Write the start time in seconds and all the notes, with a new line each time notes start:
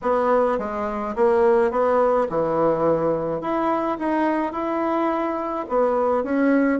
0.02 B3
0.58 G#3
1.15 A#3
1.71 B3
2.29 E3
3.41 E4
3.98 D#4
4.52 E4
5.68 B3
6.23 C#4